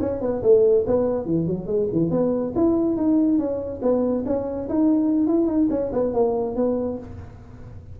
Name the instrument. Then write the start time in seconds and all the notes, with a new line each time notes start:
tuba
0.00 C#4
0.21 B3
0.42 A3
0.86 B3
1.25 E3
1.46 F#3
1.66 G#3
1.91 E3
2.10 B3
2.55 E4
2.96 D#4
3.38 C#4
3.82 B3
4.26 C#4
4.68 D#4
5.27 E4
5.46 D#4
5.70 C#4
5.92 B3
6.13 A#3
6.56 B3